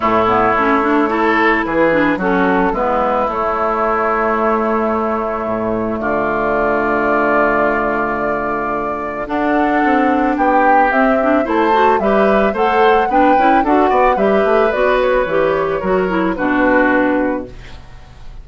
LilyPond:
<<
  \new Staff \with { instrumentName = "flute" } { \time 4/4 \tempo 4 = 110 cis''2. b'4 | a'4 b'4 cis''2~ | cis''2. d''4~ | d''1~ |
d''4 fis''2 g''4 | e''4 a''4 e''4 fis''4 | g''4 fis''4 e''4 d''8 cis''8~ | cis''2 b'2 | }
  \new Staff \with { instrumentName = "oboe" } { \time 4/4 e'2 a'4 gis'4 | fis'4 e'2.~ | e'2. f'4~ | f'1~ |
f'4 a'2 g'4~ | g'4 c''4 b'4 c''4 | b'4 a'8 d''8 b'2~ | b'4 ais'4 fis'2 | }
  \new Staff \with { instrumentName = "clarinet" } { \time 4/4 a8 b8 cis'8 d'8 e'4. d'8 | cis'4 b4 a2~ | a1~ | a1~ |
a4 d'2. | c'8 d'8 e'8 fis'8 g'4 a'4 | d'8 e'8 fis'4 g'4 fis'4 | g'4 fis'8 e'8 d'2 | }
  \new Staff \with { instrumentName = "bassoon" } { \time 4/4 a,4 a2 e4 | fis4 gis4 a2~ | a2 a,4 d4~ | d1~ |
d4 d'4 c'4 b4 | c'4 a4 g4 a4 | b8 cis'8 d'8 b8 g8 a8 b4 | e4 fis4 b,2 | }
>>